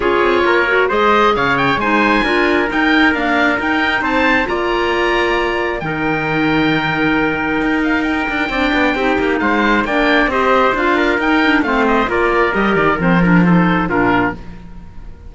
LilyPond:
<<
  \new Staff \with { instrumentName = "oboe" } { \time 4/4 \tempo 4 = 134 cis''2 dis''4 f''8 g''8 | gis''2 g''4 f''4 | g''4 a''4 ais''2~ | ais''4 g''2.~ |
g''4. f''8 g''2~ | g''4 f''4 g''4 dis''4 | f''4 g''4 f''8 dis''8 d''4 | dis''8 d''8 c''8 ais'8 c''4 ais'4 | }
  \new Staff \with { instrumentName = "trumpet" } { \time 4/4 gis'4 ais'4 c''4 cis''4 | c''4 ais'2.~ | ais'4 c''4 d''2~ | d''4 ais'2.~ |
ais'2. d''4 | g'4 c''4 d''4 c''4~ | c''8 ais'4. c''4 ais'4~ | ais'2 a'4 f'4 | }
  \new Staff \with { instrumentName = "clarinet" } { \time 4/4 f'4. fis'8 gis'2 | dis'4 f'4 dis'4 ais4 | dis'2 f'2~ | f'4 dis'2.~ |
dis'2. d'4 | dis'2 d'4 g'4 | f'4 dis'8 d'8 c'4 f'4 | g'4 c'8 d'8 dis'4 d'4 | }
  \new Staff \with { instrumentName = "cello" } { \time 4/4 cis'8 c'8 ais4 gis4 cis4 | gis4 d'4 dis'4 d'4 | dis'4 c'4 ais2~ | ais4 dis2.~ |
dis4 dis'4. d'8 c'8 b8 | c'8 ais8 gis4 ais4 c'4 | d'4 dis'4 a4 ais4 | g8 dis8 f2 ais,4 | }
>>